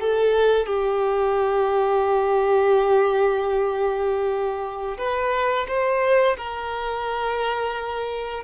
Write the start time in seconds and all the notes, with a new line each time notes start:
0.00 A4
0.66 G4
4.97 B4
5.68 C5
6.37 A#4